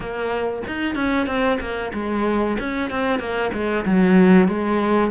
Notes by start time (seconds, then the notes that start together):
0.00 A#3
0.67 D#4
0.95 C#4
1.26 C4
1.60 A#3
1.93 G#3
2.59 C#4
2.90 C4
3.19 A#3
3.53 G#3
3.85 F#3
4.47 G#3